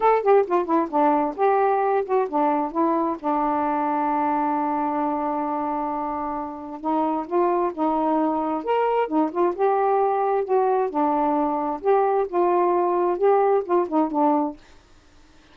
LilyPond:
\new Staff \with { instrumentName = "saxophone" } { \time 4/4 \tempo 4 = 132 a'8 g'8 f'8 e'8 d'4 g'4~ | g'8 fis'8 d'4 e'4 d'4~ | d'1~ | d'2. dis'4 |
f'4 dis'2 ais'4 | dis'8 f'8 g'2 fis'4 | d'2 g'4 f'4~ | f'4 g'4 f'8 dis'8 d'4 | }